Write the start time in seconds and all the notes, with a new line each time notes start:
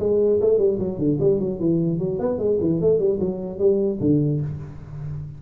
0.00 G#3
0.41 A3
0.59 G3
0.79 F#3
0.99 D3
1.20 G3
1.40 F#3
1.60 E3
1.99 F#3
2.19 B3
2.38 G#3
2.61 E3
2.81 A3
2.99 G3
3.20 F#3
3.59 G3
4.01 D3